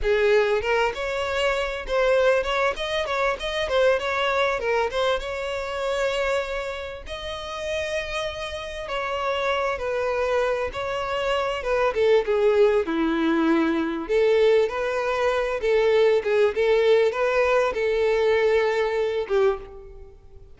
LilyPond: \new Staff \with { instrumentName = "violin" } { \time 4/4 \tempo 4 = 98 gis'4 ais'8 cis''4. c''4 | cis''8 dis''8 cis''8 dis''8 c''8 cis''4 ais'8 | c''8 cis''2. dis''8~ | dis''2~ dis''8 cis''4. |
b'4. cis''4. b'8 a'8 | gis'4 e'2 a'4 | b'4. a'4 gis'8 a'4 | b'4 a'2~ a'8 g'8 | }